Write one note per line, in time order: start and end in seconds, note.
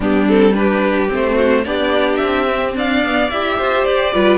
0.00 1.09 G3
0.00 0.27 B3
0.00 0.53 D4
0.00 0.28 G4
0.27 0.53 C4
0.27 0.54 A4
0.53 1.08 D4
0.53 1.34 G4
0.53 1.09 B4
1.08 1.65 A3
1.08 1.63 C4
1.15 1.64 C5
1.34 1.61 F#4
1.64 2.20 B3
1.64 2.48 D4
1.64 2.76 G4
1.64 2.16 D5
2.16 2.74 C4
2.16 2.71 E5
2.48 3.03 C4
2.74 3.29 D4
2.74 3.58 D5
2.74 3.29 F5
3.04 3.31 B3
3.29 3.58 E4
3.29 4.13 G4
3.29 3.84 E5
3.58 3.85 F4
3.58 4.13 C5
3.84 4.13 G4
3.84 4.38 D5
4.13 4.38 G3
4.13 4.38 F4
4.13 4.38 B4